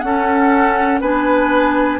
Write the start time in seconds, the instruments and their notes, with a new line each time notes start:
0.00 bassoon C#4, clarinet C#4, oboe A4, flute F#5
1.00 bassoon B3, clarinet D4, oboe B4, flute G#5